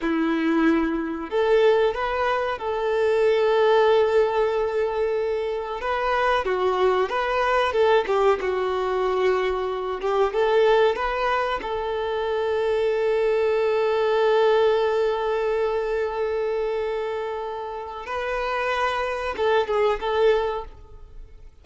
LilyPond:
\new Staff \with { instrumentName = "violin" } { \time 4/4 \tempo 4 = 93 e'2 a'4 b'4 | a'1~ | a'4 b'4 fis'4 b'4 | a'8 g'8 fis'2~ fis'8 g'8 |
a'4 b'4 a'2~ | a'1~ | a'1 | b'2 a'8 gis'8 a'4 | }